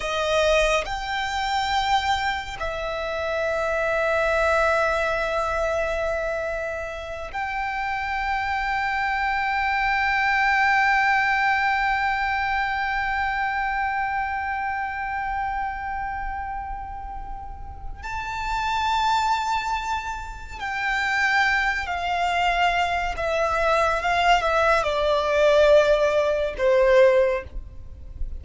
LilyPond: \new Staff \with { instrumentName = "violin" } { \time 4/4 \tempo 4 = 70 dis''4 g''2 e''4~ | e''1~ | e''8 g''2.~ g''8~ | g''1~ |
g''1~ | g''4 a''2. | g''4. f''4. e''4 | f''8 e''8 d''2 c''4 | }